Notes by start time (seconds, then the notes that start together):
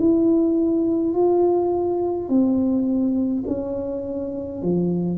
0.00 E4
1.14 F4
2.29 C4
3.48 C#4
4.63 F3